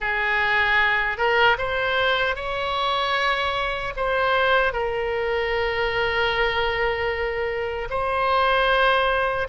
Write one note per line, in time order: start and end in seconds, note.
0.00 1.17 G#4
1.17 1.56 A#4
1.58 2.35 C5
2.35 3.93 C#5
3.96 4.72 C5
4.72 7.88 A#4
7.89 9.47 C5